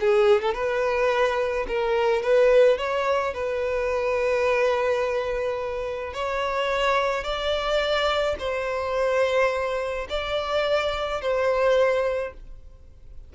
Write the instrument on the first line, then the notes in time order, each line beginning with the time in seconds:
violin
0.00 G#4
0.41 A4
0.54 B4
1.68 A#4
2.22 B4
2.78 C#5
3.33 B4
6.14 C#5
7.24 D5
8.39 C5
10.09 D5
11.21 C5